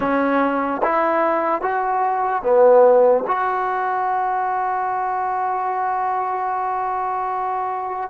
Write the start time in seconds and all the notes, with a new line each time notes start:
0.00 C#4
0.83 E4
1.61 F#4
2.43 B3
3.27 F#4